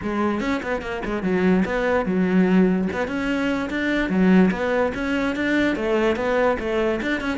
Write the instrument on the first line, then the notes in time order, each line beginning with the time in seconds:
cello
0.02 G#3
0.40 C#4
0.63 B3
0.81 A#3
1.05 G#3
1.22 F#3
1.65 B3
2.05 F#3
2.92 B3
3.07 C#4
3.70 D4
4.09 F#3
4.51 B3
4.94 C#4
5.35 D4
5.76 A3
6.16 B3
6.59 A3
7.02 D4
7.20 C#4